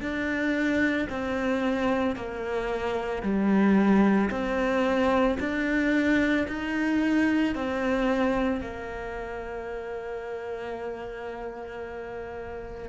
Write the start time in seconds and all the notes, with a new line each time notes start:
0.00 D4
1.09 C4
2.15 A#3
3.22 G3
4.30 C4
5.40 D4
6.47 D#4
7.54 C4
8.61 A#3